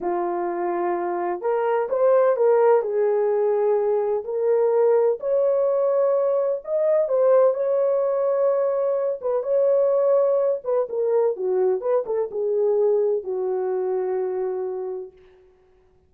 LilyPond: \new Staff \with { instrumentName = "horn" } { \time 4/4 \tempo 4 = 127 f'2. ais'4 | c''4 ais'4 gis'2~ | gis'4 ais'2 cis''4~ | cis''2 dis''4 c''4 |
cis''2.~ cis''8 b'8 | cis''2~ cis''8 b'8 ais'4 | fis'4 b'8 a'8 gis'2 | fis'1 | }